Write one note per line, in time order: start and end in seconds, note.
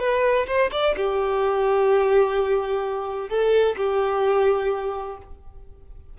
0.00 0.47 B4
0.47 0.71 C5
0.72 0.95 D5
0.97 3.30 G4
3.30 3.76 A4
3.78 5.18 G4